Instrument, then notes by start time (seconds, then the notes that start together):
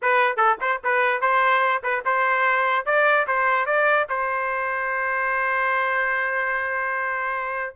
trumpet
0.01 B4
0.37 A4
0.60 C5
0.83 B4
1.21 C5
1.83 B4
2.05 C5
2.85 D5
3.27 C5
3.66 D5
4.09 C5